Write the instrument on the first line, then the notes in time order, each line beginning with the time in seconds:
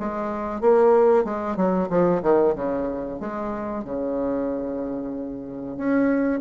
bassoon
0.00 G#3
0.61 A#3
1.24 G#3
1.56 F#3
1.90 F3
2.23 D#3
2.55 C#3
3.20 G#3
3.85 C#3
5.77 C#4